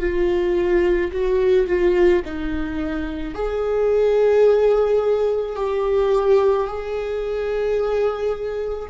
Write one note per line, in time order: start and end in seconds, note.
0.00 1.11 F4
1.12 1.67 F#4
1.67 2.23 F4
2.25 3.35 D#4
3.35 5.57 G#4
5.57 6.67 G4
6.67 8.89 G#4